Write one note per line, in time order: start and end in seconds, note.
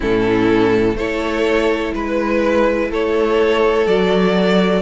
0.00 0.95 A2
0.00 0.96 C#4
0.00 0.96 E4
0.00 0.97 A4
0.95 1.92 A3
0.95 3.86 E4
0.95 1.94 A4
0.95 1.93 C#5
1.94 2.90 G#3
1.94 2.91 B4
1.94 2.90 B4
2.90 3.86 A3
2.90 4.82 A4
2.90 3.87 C#5
3.86 4.82 F#3
3.86 4.82 F#4
3.86 4.82 D5